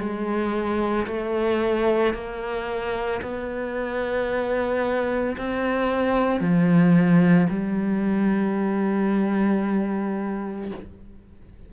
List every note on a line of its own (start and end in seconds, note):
0.00 1.07 G#3
1.07 2.14 A3
2.14 3.21 A#3
3.22 5.37 B3
5.38 6.41 C4
6.41 7.48 F3
7.50 10.71 G3